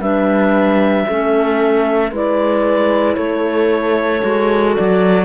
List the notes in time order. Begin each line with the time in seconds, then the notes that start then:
0.00 G3 D4 B4 E5
1.07 A3 C#4 A4
2.11 G#3 E4 B4 D5
3.16 A3 A4 C#5
4.21 G#3 F#4
4.76 F#3 D5